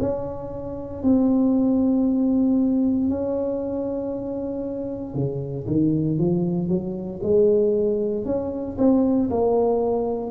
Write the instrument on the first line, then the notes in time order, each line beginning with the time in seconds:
tuba
0.00 C#4
1.03 C4
3.09 C#4
5.14 C#3
5.67 D#3
6.18 F3
6.69 F#3
7.23 G#3
8.25 C#4
8.78 C4
9.30 A#3